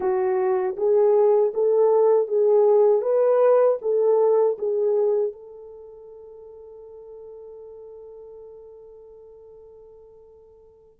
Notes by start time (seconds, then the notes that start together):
0.00 F#4
0.76 G#4
1.54 A4
2.28 G#4
3.01 B4
3.81 A4
4.58 G#4
5.32 A4